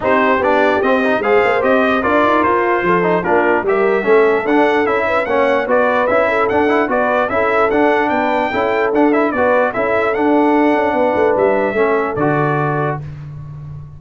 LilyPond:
<<
  \new Staff \with { instrumentName = "trumpet" } { \time 4/4 \tempo 4 = 148 c''4 d''4 dis''4 f''4 | dis''4 d''4 c''2 | ais'4 e''2 fis''4 | e''4 fis''4 d''4 e''4 |
fis''4 d''4 e''4 fis''4 | g''2 fis''8 e''8 d''4 | e''4 fis''2. | e''2 d''2 | }
  \new Staff \with { instrumentName = "horn" } { \time 4/4 g'2. c''4~ | c''4 ais'2 a'4 | f'4 ais'4 a'2~ | a'8 b'8 cis''4 b'4. a'8~ |
a'4 b'4 a'2 | b'4 a'2 b'4 | a'2. b'4~ | b'4 a'2. | }
  \new Staff \with { instrumentName = "trombone" } { \time 4/4 dis'4 d'4 c'8 dis'8 gis'4 | g'4 f'2~ f'8 dis'8 | d'4 g'4 cis'4 d'4 | e'4 cis'4 fis'4 e'4 |
d'8 e'8 fis'4 e'4 d'4~ | d'4 e'4 d'8 e'8 fis'4 | e'4 d'2.~ | d'4 cis'4 fis'2 | }
  \new Staff \with { instrumentName = "tuba" } { \time 4/4 c'4 b4 c'4 gis8 ais8 | c'4 d'8 dis'8 f'4 f4 | ais4 g4 a4 d'4 | cis'4 ais4 b4 cis'4 |
d'4 b4 cis'4 d'4 | b4 cis'4 d'4 b4 | cis'4 d'4. cis'8 b8 a8 | g4 a4 d2 | }
>>